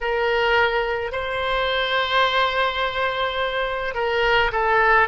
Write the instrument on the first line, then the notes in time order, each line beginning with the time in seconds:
oboe
0.00 A#4
1.12 C5
3.94 A#4
4.51 A4